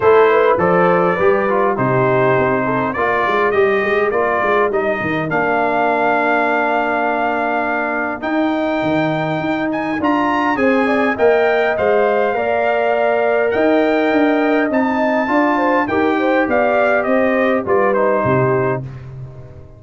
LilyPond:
<<
  \new Staff \with { instrumentName = "trumpet" } { \time 4/4 \tempo 4 = 102 c''4 d''2 c''4~ | c''4 d''4 dis''4 d''4 | dis''4 f''2.~ | f''2 g''2~ |
g''8 gis''8 ais''4 gis''4 g''4 | f''2. g''4~ | g''4 a''2 g''4 | f''4 dis''4 d''8 c''4. | }
  \new Staff \with { instrumentName = "horn" } { \time 4/4 a'8 b'8 c''4 b'4 g'4~ | g'8 a'8 ais'2.~ | ais'1~ | ais'1~ |
ais'2 c''8 d''8 dis''4~ | dis''4 d''2 dis''4~ | dis''2 d''8 c''8 ais'8 c''8 | d''4 c''4 b'4 g'4 | }
  \new Staff \with { instrumentName = "trombone" } { \time 4/4 e'4 a'4 g'8 f'8 dis'4~ | dis'4 f'4 g'4 f'4 | dis'4 d'2.~ | d'2 dis'2~ |
dis'4 f'4 gis'4 ais'4 | c''4 ais'2.~ | ais'4 dis'4 f'4 g'4~ | g'2 f'8 dis'4. | }
  \new Staff \with { instrumentName = "tuba" } { \time 4/4 a4 f4 g4 c4 | c'4 ais8 gis8 g8 gis8 ais8 gis8 | g8 dis8 ais2.~ | ais2 dis'4 dis4 |
dis'4 d'4 c'4 ais4 | gis4 ais2 dis'4 | d'4 c'4 d'4 dis'4 | b4 c'4 g4 c4 | }
>>